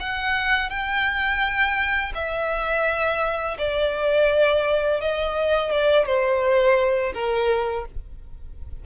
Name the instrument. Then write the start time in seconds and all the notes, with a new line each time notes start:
violin
0.00 F#5
0.70 G5
2.15 E5
3.58 D5
5.00 D#5
5.71 D5
6.06 C5
7.14 A#4